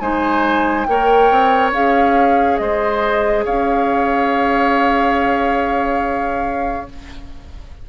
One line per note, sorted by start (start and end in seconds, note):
0.00 0.86 G#3
0.00 0.87 D#4
0.00 0.87 C5
0.00 0.84 G#5
0.84 1.31 A#3
0.84 1.74 A#4
0.84 2.61 C#5
0.84 1.70 G5
1.31 1.72 C4
1.72 2.58 C#4
1.72 6.88 G#4
1.72 2.58 F5
2.58 3.45 G#3
2.58 3.45 C5
2.58 3.44 D#5
3.45 6.90 C#4
3.45 6.88 C#5
3.45 6.89 F5